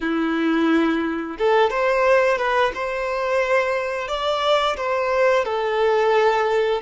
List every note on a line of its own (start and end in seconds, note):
0.01 1.37 E4
1.38 1.70 A4
1.70 2.38 C5
2.38 2.72 B4
2.74 4.08 C5
4.08 4.76 D5
4.76 5.44 C5
5.44 6.81 A4